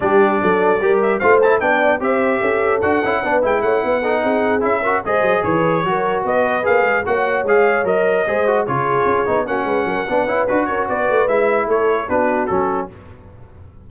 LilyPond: <<
  \new Staff \with { instrumentName = "trumpet" } { \time 4/4 \tempo 4 = 149 d''2~ d''8 e''8 f''8 a''8 | g''4 e''2 fis''4~ | fis''8 g''8 fis''2~ fis''8 e''8~ | e''8 dis''4 cis''2 dis''8~ |
dis''8 f''4 fis''4 f''4 dis''8~ | dis''4. cis''2 fis''8~ | fis''2 b'8 cis''8 d''4 | e''4 cis''4 b'4 a'4 | }
  \new Staff \with { instrumentName = "horn" } { \time 4/4 g'4 a'4 ais'4 c''4 | d''4 c''4 a'2 | b'4 cis''8 b'8 a'8 gis'4. | ais'8 c''4 b'4 ais'4 b'8~ |
b'4. cis''2~ cis''8~ | cis''8 c''4 gis'2 fis'8 | b'8 ais'8 b'4. ais'8 b'4~ | b'4 a'4 fis'2 | }
  \new Staff \with { instrumentName = "trombone" } { \time 4/4 d'2 g'4 f'8 e'8 | d'4 g'2 fis'8 e'8 | d'8 e'4. dis'4. e'8 | fis'8 gis'2 fis'4.~ |
fis'8 gis'4 fis'4 gis'4 ais'8~ | ais'8 gis'8 fis'8 f'4. dis'8 cis'8~ | cis'4 d'8 e'8 fis'2 | e'2 d'4 cis'4 | }
  \new Staff \with { instrumentName = "tuba" } { \time 4/4 g4 fis4 g4 a4 | b4 c'4 cis'4 d'8 cis'8 | b8 gis8 a8 b4 c'4 cis'8~ | cis'8 gis8 fis8 e4 fis4 b8~ |
b8 ais8 gis8 ais4 gis4 fis8~ | fis8 gis4 cis4 cis'8 b8 ais8 | gis8 fis8 b8 cis'8 d'8 cis'8 b8 a8 | gis4 a4 b4 fis4 | }
>>